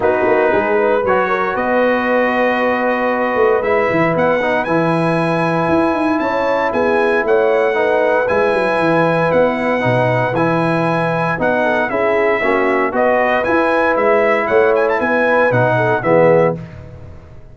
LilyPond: <<
  \new Staff \with { instrumentName = "trumpet" } { \time 4/4 \tempo 4 = 116 b'2 cis''4 dis''4~ | dis''2. e''4 | fis''4 gis''2. | a''4 gis''4 fis''2 |
gis''2 fis''2 | gis''2 fis''4 e''4~ | e''4 dis''4 gis''4 e''4 | fis''8 gis''16 a''16 gis''4 fis''4 e''4 | }
  \new Staff \with { instrumentName = "horn" } { \time 4/4 fis'4 gis'8 b'4 ais'8 b'4~ | b'1~ | b'1 | cis''4 gis'4 cis''4 b'4~ |
b'1~ | b'2~ b'8 a'8 gis'4 | fis'4 b'2. | cis''4 b'4. a'8 gis'4 | }
  \new Staff \with { instrumentName = "trombone" } { \time 4/4 dis'2 fis'2~ | fis'2. e'4~ | e'8 dis'8 e'2.~ | e'2. dis'4 |
e'2. dis'4 | e'2 dis'4 e'4 | cis'4 fis'4 e'2~ | e'2 dis'4 b4 | }
  \new Staff \with { instrumentName = "tuba" } { \time 4/4 b8 ais8 gis4 fis4 b4~ | b2~ b8 a8 gis8 e8 | b4 e2 e'8 dis'8 | cis'4 b4 a2 |
gis8 fis8 e4 b4 b,4 | e2 b4 cis'4 | ais4 b4 e'4 gis4 | a4 b4 b,4 e4 | }
>>